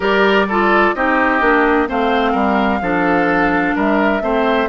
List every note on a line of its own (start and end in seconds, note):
0.00 0.92 G3
0.00 0.47 G4
0.00 0.46 A#4
0.00 0.94 D5
0.48 0.95 F4
0.48 0.95 A4
0.94 1.40 C4
0.94 1.40 D#4
0.94 1.88 G4
0.94 1.88 D#5
1.40 1.87 A#3
1.40 1.87 D4
1.87 2.34 A3
1.87 2.80 C4
1.87 2.32 C5
1.87 3.78 F5
2.32 2.81 G3
2.32 2.79 A#4
2.81 3.74 F3
2.81 4.21 D4
2.81 3.75 A4
3.75 4.21 G3
3.75 4.22 A#4
3.75 4.68 E5
4.21 4.68 A3
4.21 4.68 C4
4.21 4.68 C5